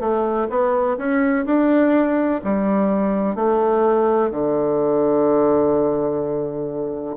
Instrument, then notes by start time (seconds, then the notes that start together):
bassoon
0.00 A3
0.50 B3
0.97 C#4
1.45 D4
2.44 G3
3.35 A3
4.31 D3